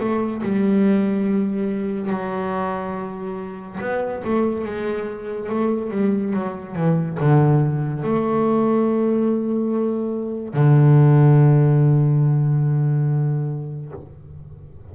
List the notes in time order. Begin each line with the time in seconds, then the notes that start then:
0.00 A3
0.43 G3
2.10 F#3
3.81 B3
4.25 A3
4.65 G#3
5.50 A3
5.91 G3
6.34 F#3
6.76 E3
7.20 D3
8.04 A3
10.54 D3